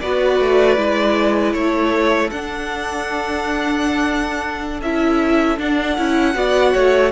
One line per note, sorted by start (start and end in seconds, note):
0.00 0.40 B3
0.00 0.77 F#4
0.00 1.55 B4
0.00 1.53 D5
0.40 0.77 A3
0.77 1.54 G#3
0.77 2.31 E4
1.53 2.31 A3
1.53 6.36 A4
1.53 2.30 C#5
2.30 4.81 D4
2.30 4.82 D4
2.30 4.80 F#5
4.81 5.58 C#4
4.81 5.57 E4
4.81 5.59 E5
5.57 5.96 D4
5.57 5.98 D4
5.57 7.12 F#5
5.98 6.35 C#4
5.98 6.34 E4
6.34 6.73 B3
6.34 7.11 F#4
6.34 6.73 D5
6.73 7.12 A3
6.73 7.12 C#5